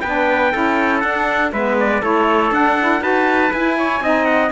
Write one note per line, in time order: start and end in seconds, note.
0.00 0.54 B3
0.00 0.53 D4
0.00 0.52 B4
0.00 1.00 G5
0.52 1.03 C#4
0.52 1.03 E4
0.52 1.52 A4
1.00 1.53 D4
1.00 1.52 D4
1.00 1.50 F#5
1.52 2.02 G#3
1.52 2.02 B3
1.52 2.01 B4
1.52 1.78 E5
1.79 2.03 D5
2.01 2.51 A3
2.01 2.51 E4
2.01 3.01 A4
2.01 2.53 C#5
2.51 3.01 D4
2.51 2.76 D4
2.51 3.03 F#5
2.79 3.00 E4
3.00 3.51 D#4
3.00 3.50 F#4
3.00 3.77 B4
3.00 3.53 A5
3.53 4.00 E4
3.53 4.02 E4
3.53 4.25 G#5
3.78 4.03 C#5
4.00 4.50 C4
4.00 4.51 D#4
4.00 4.51 D#5
4.25 4.50 F#5